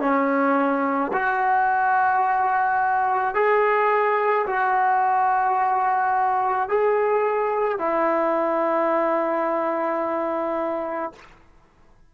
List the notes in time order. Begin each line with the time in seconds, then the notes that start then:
0.00 C#4
1.13 F#4
3.34 G#4
4.46 F#4
6.69 G#4
7.78 E4